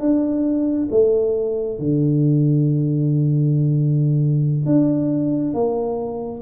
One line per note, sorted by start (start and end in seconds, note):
0.00 0.88 D4
0.91 1.79 A3
1.79 4.66 D3
4.66 5.53 D4
5.53 6.42 A#3